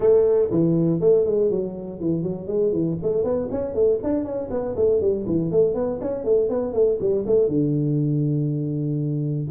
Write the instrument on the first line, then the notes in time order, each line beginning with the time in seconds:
tuba
0.00 A3
0.50 E3
1.00 A3
1.25 G#3
1.50 F#3
2.00 E3
2.23 F#3
2.47 G#3
2.72 E3
3.02 A3
3.24 B3
3.51 C#4
3.74 A3
4.02 D4
4.24 C#4
4.50 B3
4.76 A3
5.00 G3
5.26 E3
5.51 A3
5.74 B3
6.01 C#4
6.24 A3
6.49 B3
6.73 A3
7.00 G3
7.26 A3
7.47 D3